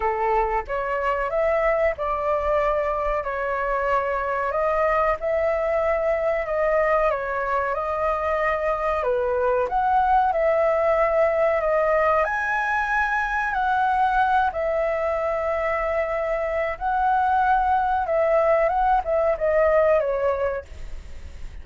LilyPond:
\new Staff \with { instrumentName = "flute" } { \time 4/4 \tempo 4 = 93 a'4 cis''4 e''4 d''4~ | d''4 cis''2 dis''4 | e''2 dis''4 cis''4 | dis''2 b'4 fis''4 |
e''2 dis''4 gis''4~ | gis''4 fis''4. e''4.~ | e''2 fis''2 | e''4 fis''8 e''8 dis''4 cis''4 | }